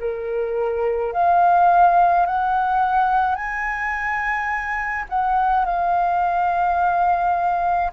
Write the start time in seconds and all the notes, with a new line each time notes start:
0.00 A#4
1.13 F5
2.26 F#5
3.36 G#5
5.10 F#5
5.66 F5